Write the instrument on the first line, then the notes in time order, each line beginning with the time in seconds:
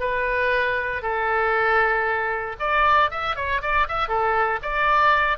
oboe
0.00 B4
1.02 A4
2.59 D5
3.11 E5
3.36 C#5
3.62 D5
3.88 E5
4.08 A4
4.62 D5